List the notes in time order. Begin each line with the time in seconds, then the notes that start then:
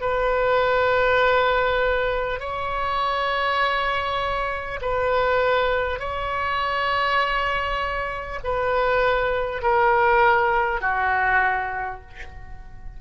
0.00 B4
2.39 C#5
4.81 B4
5.99 C#5
8.43 B4
9.62 A#4
10.81 F#4